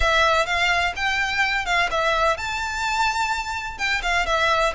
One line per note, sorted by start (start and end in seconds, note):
0.00 0.46 E5
0.46 0.93 F5
0.96 1.65 G5
1.65 1.89 F5
1.90 2.37 E5
2.37 3.78 A5
3.78 4.01 G5
4.02 4.26 F5
4.26 4.73 E5